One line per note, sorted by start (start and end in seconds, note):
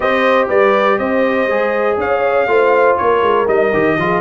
0.00 0.49 C4
0.00 1.48 G4
0.00 0.48 C5
0.00 0.47 D#5
0.48 0.98 G3
0.48 0.97 B4
0.48 0.98 D5
0.98 1.46 C4
0.98 1.99 C5
0.98 1.97 D#5
1.46 1.96 G#3
1.46 2.47 G#4
1.97 2.46 C#4
1.97 2.49 C#5
1.97 2.96 F5
2.46 2.96 A3
2.46 3.46 F4
2.46 2.99 C5
2.96 3.21 A#3
2.96 3.98 A#4
2.96 3.46 C#5
3.21 3.46 G#3
3.46 3.72 G3
3.46 3.71 D#4
3.46 4.21 D#5
3.73 3.97 D#3
3.73 3.98 G4
3.97 4.21 F3
3.97 4.21 F4
3.97 4.21 G#4